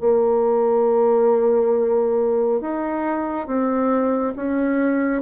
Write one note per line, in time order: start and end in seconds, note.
0.00 2.61 A#3
2.61 3.47 D#4
3.47 4.34 C4
4.36 5.23 C#4